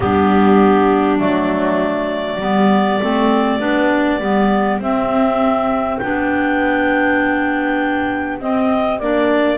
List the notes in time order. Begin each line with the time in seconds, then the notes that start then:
0.00 G3 B3 D4 G4
1.18 F#3 A3 D5
2.39 G3 B3 G4
3.01 A3 C4
3.59 B3 D4
4.20 G3 B3
4.79 C4 E5
5.98 B3 D4 G5
8.40 C4 D#5
8.98 A#3 D4 D5